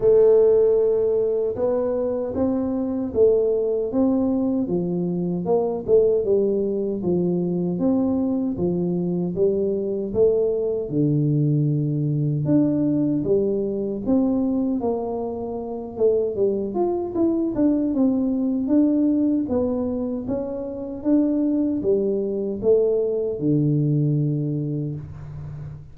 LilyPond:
\new Staff \with { instrumentName = "tuba" } { \time 4/4 \tempo 4 = 77 a2 b4 c'4 | a4 c'4 f4 ais8 a8 | g4 f4 c'4 f4 | g4 a4 d2 |
d'4 g4 c'4 ais4~ | ais8 a8 g8 f'8 e'8 d'8 c'4 | d'4 b4 cis'4 d'4 | g4 a4 d2 | }